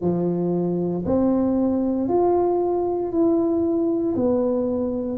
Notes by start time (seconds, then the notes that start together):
0.00 F3
1.05 C4
2.08 F4
3.11 E4
4.15 B3